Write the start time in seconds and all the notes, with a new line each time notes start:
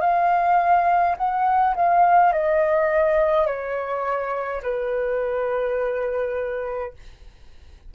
0.00 F5
1.17 F#5
1.75 F5
2.32 D#5
3.46 C#5
4.63 B4